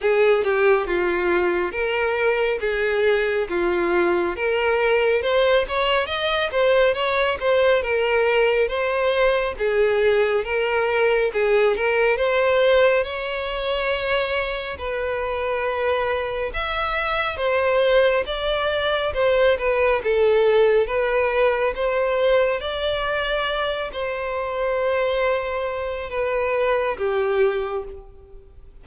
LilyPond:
\new Staff \with { instrumentName = "violin" } { \time 4/4 \tempo 4 = 69 gis'8 g'8 f'4 ais'4 gis'4 | f'4 ais'4 c''8 cis''8 dis''8 c''8 | cis''8 c''8 ais'4 c''4 gis'4 | ais'4 gis'8 ais'8 c''4 cis''4~ |
cis''4 b'2 e''4 | c''4 d''4 c''8 b'8 a'4 | b'4 c''4 d''4. c''8~ | c''2 b'4 g'4 | }